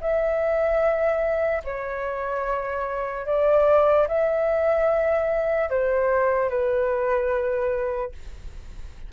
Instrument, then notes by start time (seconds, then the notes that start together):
flute
0.00 E5
1.64 C#5
3.26 D5
4.08 E5
5.69 C5
6.49 B4